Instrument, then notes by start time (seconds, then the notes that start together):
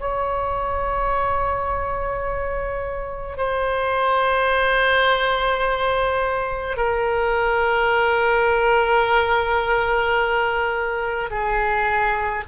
oboe
0.00 C#5
3.37 C5
6.77 A#4
11.31 G#4